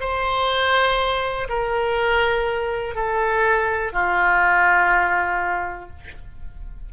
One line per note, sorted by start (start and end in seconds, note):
0.00 1.48 C5
1.48 2.95 A#4
2.95 3.93 A4
3.93 5.89 F4